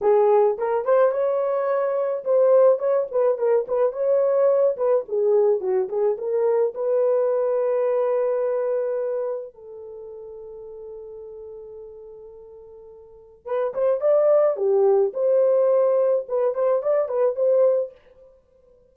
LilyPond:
\new Staff \with { instrumentName = "horn" } { \time 4/4 \tempo 4 = 107 gis'4 ais'8 c''8 cis''2 | c''4 cis''8 b'8 ais'8 b'8 cis''4~ | cis''8 b'8 gis'4 fis'8 gis'8 ais'4 | b'1~ |
b'4 a'2.~ | a'1 | b'8 c''8 d''4 g'4 c''4~ | c''4 b'8 c''8 d''8 b'8 c''4 | }